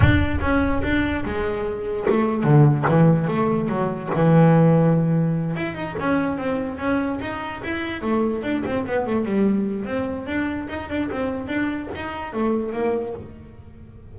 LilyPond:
\new Staff \with { instrumentName = "double bass" } { \time 4/4 \tempo 4 = 146 d'4 cis'4 d'4 gis4~ | gis4 a4 d4 e4 | a4 fis4 e2~ | e4. e'8 dis'8 cis'4 c'8~ |
c'8 cis'4 dis'4 e'4 a8~ | a8 d'8 c'8 b8 a8 g4. | c'4 d'4 dis'8 d'8 c'4 | d'4 dis'4 a4 ais4 | }